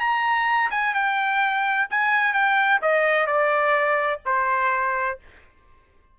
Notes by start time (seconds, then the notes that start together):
0.00 A#5
0.71 G#5
0.94 G5
1.90 G#5
2.34 G5
2.82 D#5
3.27 D5
4.25 C5